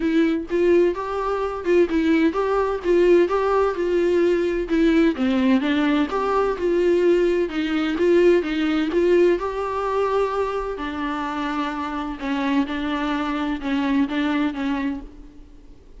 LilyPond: \new Staff \with { instrumentName = "viola" } { \time 4/4 \tempo 4 = 128 e'4 f'4 g'4. f'8 | e'4 g'4 f'4 g'4 | f'2 e'4 c'4 | d'4 g'4 f'2 |
dis'4 f'4 dis'4 f'4 | g'2. d'4~ | d'2 cis'4 d'4~ | d'4 cis'4 d'4 cis'4 | }